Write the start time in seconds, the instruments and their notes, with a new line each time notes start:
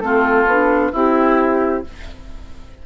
0.00 bassoon A3, clarinet C4, oboe F4, flute A4
0.46 bassoon B3, clarinet D4
0.92 bassoon C4, oboe E4, clarinet E4, flute G4